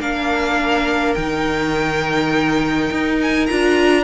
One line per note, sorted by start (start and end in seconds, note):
0.00 1.15 A#3
0.00 1.17 D4
0.00 4.04 A#4
0.00 1.15 F5
1.15 2.90 D#3
1.15 3.49 D#4
1.15 3.16 G5
2.91 3.49 D#4
3.22 3.47 G#5
3.47 4.04 D4
3.47 4.04 F4
3.47 4.04 A#5